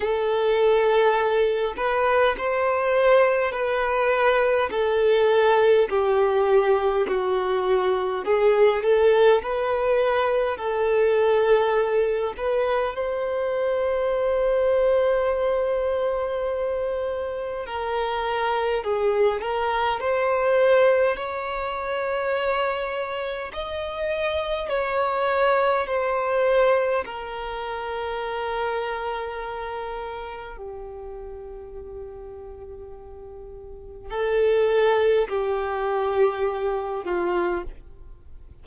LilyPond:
\new Staff \with { instrumentName = "violin" } { \time 4/4 \tempo 4 = 51 a'4. b'8 c''4 b'4 | a'4 g'4 fis'4 gis'8 a'8 | b'4 a'4. b'8 c''4~ | c''2. ais'4 |
gis'8 ais'8 c''4 cis''2 | dis''4 cis''4 c''4 ais'4~ | ais'2 g'2~ | g'4 a'4 g'4. f'8 | }